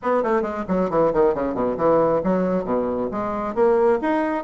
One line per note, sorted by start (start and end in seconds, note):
0.02 0.23 B3
0.23 0.42 A3
0.42 0.64 G#3
0.67 0.90 F#3
0.90 1.12 E3
1.13 1.34 D#3
1.34 1.54 C#3
1.54 1.76 B2
1.77 2.21 E3
2.23 2.64 F#3
2.64 3.09 B2
3.11 3.54 G#3
3.54 3.99 A#3
4.01 4.44 D#4